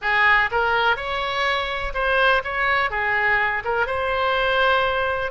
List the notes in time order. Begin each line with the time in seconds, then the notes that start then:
0.01 G#4
0.51 A#4
0.96 C#5
1.94 C5
2.43 C#5
2.90 G#4
3.64 A#4
3.86 C5